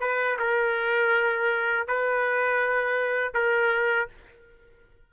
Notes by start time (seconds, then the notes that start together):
0.00 B4
0.39 A#4
1.88 B4
3.34 A#4